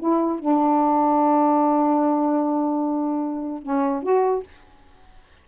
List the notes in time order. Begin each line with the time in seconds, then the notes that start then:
0.00 E4
0.40 D4
3.63 C#4
4.03 F#4